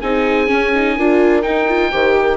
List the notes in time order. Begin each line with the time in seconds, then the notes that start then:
0.00 C4 D#4 G#4 G#5
0.47 C#4
0.75 D#4
0.97 D4 F4 A#4
1.43 D#4 G5
1.68 F4
1.91 D#3 G4 C5
2.16 A#4